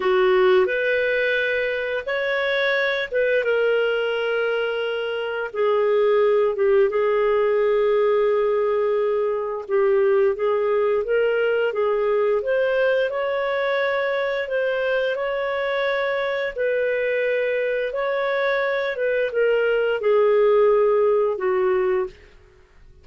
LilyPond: \new Staff \with { instrumentName = "clarinet" } { \time 4/4 \tempo 4 = 87 fis'4 b'2 cis''4~ | cis''8 b'8 ais'2. | gis'4. g'8 gis'2~ | gis'2 g'4 gis'4 |
ais'4 gis'4 c''4 cis''4~ | cis''4 c''4 cis''2 | b'2 cis''4. b'8 | ais'4 gis'2 fis'4 | }